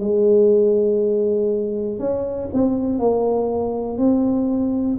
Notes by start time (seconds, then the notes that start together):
0.00 G#3
1.99 C#4
2.53 C4
2.99 A#3
3.97 C4